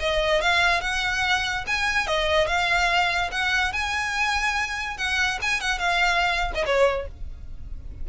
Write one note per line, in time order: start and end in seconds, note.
0.00 0.42 D#5
0.42 0.81 F5
0.81 1.65 F#5
1.67 2.07 G#5
2.07 2.47 D#5
2.47 3.31 F5
3.31 3.73 F#5
3.73 4.98 G#5
4.98 5.39 F#5
5.42 5.61 G#5
5.61 5.79 F#5
5.79 6.52 F5
6.55 6.65 D#5
6.66 7.08 C#5